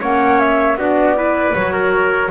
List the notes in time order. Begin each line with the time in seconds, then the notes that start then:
0.00 A#3 C#4 C#5 F#5
0.40 E5
0.77 B3 D4 F#4 D5
1.16 E4 B4
1.55 F#3 F#4 C#5
1.73 A#4